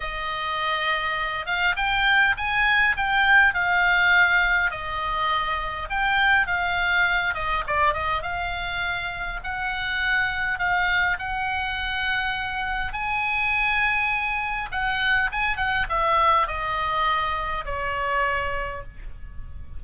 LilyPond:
\new Staff \with { instrumentName = "oboe" } { \time 4/4 \tempo 4 = 102 dis''2~ dis''8 f''8 g''4 | gis''4 g''4 f''2 | dis''2 g''4 f''4~ | f''8 dis''8 d''8 dis''8 f''2 |
fis''2 f''4 fis''4~ | fis''2 gis''2~ | gis''4 fis''4 gis''8 fis''8 e''4 | dis''2 cis''2 | }